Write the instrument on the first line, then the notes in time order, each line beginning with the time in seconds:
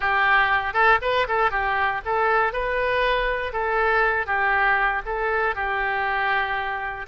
oboe
0.00 G4
0.73 A4
1.01 B4
1.27 A4
1.50 G4
2.05 A4
2.52 B4
3.52 A4
4.26 G4
5.05 A4
5.55 G4